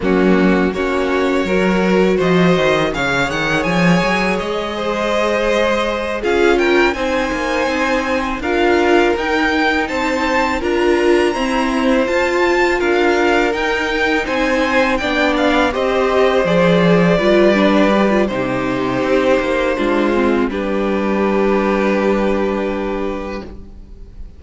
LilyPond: <<
  \new Staff \with { instrumentName = "violin" } { \time 4/4 \tempo 4 = 82 fis'4 cis''2 dis''4 | f''8 fis''8 gis''4 dis''2~ | dis''8 f''8 g''8 gis''2 f''8~ | f''8 g''4 a''4 ais''4.~ |
ais''8 a''4 f''4 g''4 gis''8~ | gis''8 g''8 f''8 dis''4 d''4.~ | d''4 c''2. | b'1 | }
  \new Staff \with { instrumentName = "violin" } { \time 4/4 cis'4 fis'4 ais'4 c''4 | cis''2~ cis''8 c''4.~ | c''8 gis'8 ais'8 c''2 ais'8~ | ais'4. c''4 ais'4 c''8~ |
c''4. ais'2 c''8~ | c''8 d''4 c''2 b'8~ | b'4 g'2 f'4 | g'1 | }
  \new Staff \with { instrumentName = "viola" } { \time 4/4 ais4 cis'4 fis'2 | gis'1~ | gis'8 f'4 dis'2 f'8~ | f'8 dis'2 f'4 c'8~ |
c'8 f'2 dis'4.~ | dis'8 d'4 g'4 gis'4 f'8 | d'8 g'16 f'16 dis'2 d'8 c'8 | d'1 | }
  \new Staff \with { instrumentName = "cello" } { \time 4/4 fis4 ais4 fis4 f8 dis8 | cis8 dis8 f8 fis8 gis2~ | gis8 cis'4 c'8 ais8 c'4 d'8~ | d'8 dis'4 c'4 d'4 e'8~ |
e'8 f'4 d'4 dis'4 c'8~ | c'8 b4 c'4 f4 g8~ | g4 c4 c'8 ais8 gis4 | g1 | }
>>